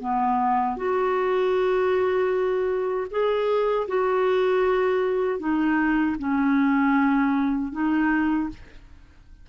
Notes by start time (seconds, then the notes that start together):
0.00 B3
0.77 F#4
3.11 G#4
3.88 F#4
5.40 D#4
6.19 C#4
7.72 D#4